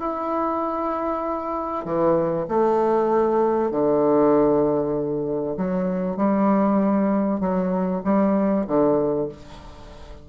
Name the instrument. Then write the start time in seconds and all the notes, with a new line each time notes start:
bassoon
0.00 E4
1.85 E3
2.49 A3
3.71 D3
5.58 F#3
6.17 G3
7.41 F#3
8.05 G3
8.67 D3